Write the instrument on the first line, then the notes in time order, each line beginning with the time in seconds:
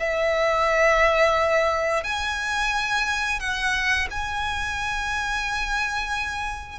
violin
0.00 E5
2.04 G#5
3.40 F#5
4.11 G#5